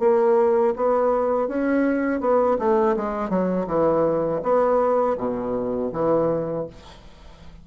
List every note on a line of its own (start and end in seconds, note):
0.00 0.74 A#3
0.76 1.48 B3
1.48 2.21 C#4
2.21 2.58 B3
2.59 2.96 A3
2.97 3.30 G#3
3.30 3.67 F#3
3.67 4.41 E3
4.43 5.17 B3
5.18 5.92 B2
5.93 6.67 E3